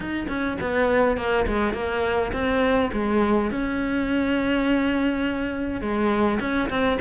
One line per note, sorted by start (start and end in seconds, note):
0.00 0.27 D#4
0.28 0.57 C#4
0.60 1.17 B3
1.17 1.46 A#3
1.46 1.73 G#3
1.73 2.31 A#3
2.32 2.90 C4
2.92 3.51 G#3
3.51 5.81 C#4
5.81 6.39 G#3
6.39 6.69 C#4
6.69 6.98 C4